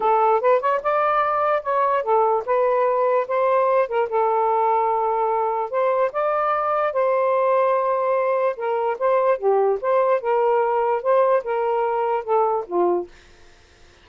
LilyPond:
\new Staff \with { instrumentName = "saxophone" } { \time 4/4 \tempo 4 = 147 a'4 b'8 cis''8 d''2 | cis''4 a'4 b'2 | c''4. ais'8 a'2~ | a'2 c''4 d''4~ |
d''4 c''2.~ | c''4 ais'4 c''4 g'4 | c''4 ais'2 c''4 | ais'2 a'4 f'4 | }